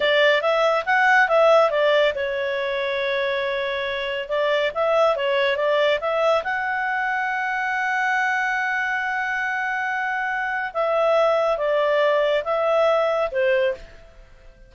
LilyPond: \new Staff \with { instrumentName = "clarinet" } { \time 4/4 \tempo 4 = 140 d''4 e''4 fis''4 e''4 | d''4 cis''2.~ | cis''2 d''4 e''4 | cis''4 d''4 e''4 fis''4~ |
fis''1~ | fis''1~ | fis''4 e''2 d''4~ | d''4 e''2 c''4 | }